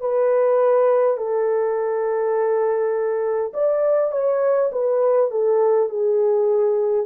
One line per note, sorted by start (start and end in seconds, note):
0.00 1.17 B4
1.17 3.52 A4
3.53 4.11 D5
4.11 4.70 C#5
4.72 5.30 B4
5.30 5.89 A4
5.89 7.06 G#4